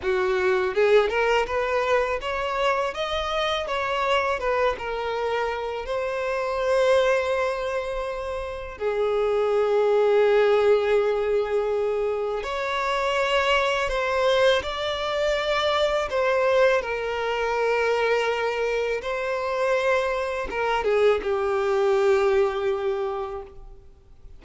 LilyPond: \new Staff \with { instrumentName = "violin" } { \time 4/4 \tempo 4 = 82 fis'4 gis'8 ais'8 b'4 cis''4 | dis''4 cis''4 b'8 ais'4. | c''1 | gis'1~ |
gis'4 cis''2 c''4 | d''2 c''4 ais'4~ | ais'2 c''2 | ais'8 gis'8 g'2. | }